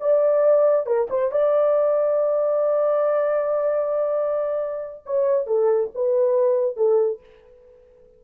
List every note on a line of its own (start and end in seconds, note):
0.00 0.86 D5
0.86 1.08 A#4
1.09 1.31 C5
1.31 5.03 D5
5.06 5.46 C#5
5.46 5.90 A4
5.94 6.76 B4
6.76 7.20 A4